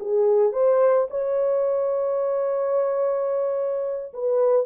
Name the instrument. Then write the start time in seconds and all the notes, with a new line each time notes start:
horn
0.00 G#4
0.53 C5
1.11 C#5
4.14 B4